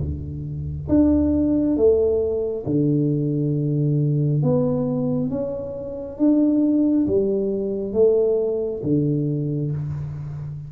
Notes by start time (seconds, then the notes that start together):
0.00 D2
0.89 D4
1.77 A3
2.66 D3
4.43 B3
5.30 C#4
6.18 D4
7.07 G3
7.94 A3
8.84 D3